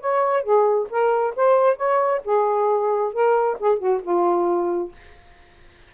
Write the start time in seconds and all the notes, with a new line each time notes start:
0.00 C#5
0.43 G#4
0.90 A#4
1.35 C5
1.76 C#5
2.24 G#4
3.13 A#4
3.59 G#4
3.78 F#4
4.02 F4